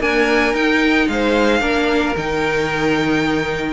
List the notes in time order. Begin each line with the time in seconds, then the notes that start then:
0.00 A#3 D4 A#4 G#5
0.54 D#4 G5
1.08 G#3 C5 F5
1.61 A#3 D4 A#4
2.17 D#3 D#4 G5